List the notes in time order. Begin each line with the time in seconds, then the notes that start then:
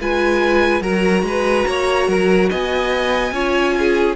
0.00 G#3 F4 B4 G#5
0.81 F#3 F#4 A#4 A#5
1.22 G#3 B4
1.67 A#3 C#5
2.07 F#3 A#4
2.49 B3 D#5 G#5
3.31 C#4 F4 C#5
3.78 G#4